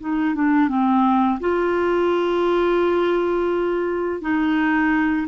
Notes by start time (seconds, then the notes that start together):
0.00 D#4
0.35 D4
0.69 C4
1.40 F4
4.21 D#4